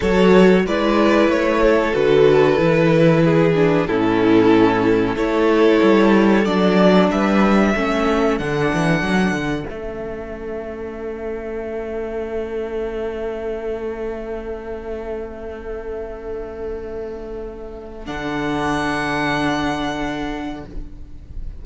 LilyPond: <<
  \new Staff \with { instrumentName = "violin" } { \time 4/4 \tempo 4 = 93 cis''4 d''4 cis''4 b'4~ | b'2 a'2 | cis''2 d''4 e''4~ | e''4 fis''2 e''4~ |
e''1~ | e''1~ | e''1 | fis''1 | }
  \new Staff \with { instrumentName = "violin" } { \time 4/4 a'4 b'4. a'4.~ | a'4 gis'4 e'2 | a'2. b'4 | a'1~ |
a'1~ | a'1~ | a'1~ | a'1 | }
  \new Staff \with { instrumentName = "viola" } { \time 4/4 fis'4 e'2 fis'4 | e'4. d'8 cis'2 | e'2 d'2 | cis'4 d'2 cis'4~ |
cis'1~ | cis'1~ | cis'1 | d'1 | }
  \new Staff \with { instrumentName = "cello" } { \time 4/4 fis4 gis4 a4 d4 | e2 a,2 | a4 g4 fis4 g4 | a4 d8 e8 fis8 d8 a4~ |
a1~ | a1~ | a1 | d1 | }
>>